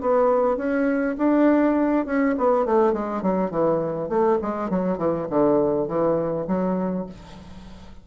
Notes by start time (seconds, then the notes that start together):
0.00 B3
0.57 C#4
1.17 D4
2.05 C#4
2.37 B3
2.65 A3
2.93 G#3
3.22 F#3
3.50 E3
4.08 A3
4.41 G#3
4.70 F#3
4.97 E3
5.29 D3
5.87 E3
6.47 F#3